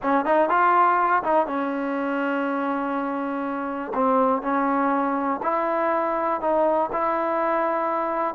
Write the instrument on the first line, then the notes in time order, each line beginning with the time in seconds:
trombone
0.02 C#4
0.25 D#4
0.49 F4
1.23 D#4
1.46 C#4
3.94 C4
4.42 C#4
5.43 E4
6.40 D#4
6.92 E4